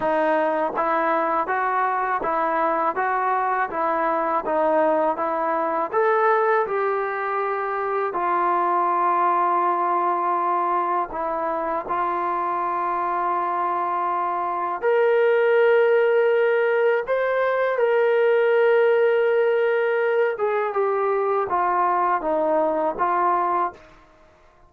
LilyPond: \new Staff \with { instrumentName = "trombone" } { \time 4/4 \tempo 4 = 81 dis'4 e'4 fis'4 e'4 | fis'4 e'4 dis'4 e'4 | a'4 g'2 f'4~ | f'2. e'4 |
f'1 | ais'2. c''4 | ais'2.~ ais'8 gis'8 | g'4 f'4 dis'4 f'4 | }